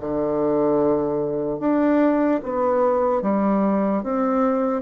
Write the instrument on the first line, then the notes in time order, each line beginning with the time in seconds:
bassoon
0.00 D3
1.60 D4
2.43 B3
3.22 G3
4.03 C4